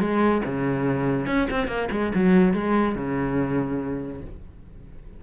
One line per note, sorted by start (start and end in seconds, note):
0.00 0.42 G#3
0.45 1.27 C#3
1.27 1.48 C#4
1.50 1.68 C4
1.68 1.89 A#3
1.91 2.12 G#3
2.15 2.54 F#3
2.54 2.95 G#3
2.95 4.21 C#3